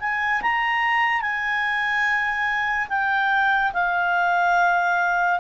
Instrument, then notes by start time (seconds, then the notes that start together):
clarinet
0.00 G#5
0.42 A#5
1.22 G#5
2.89 G5
3.73 F5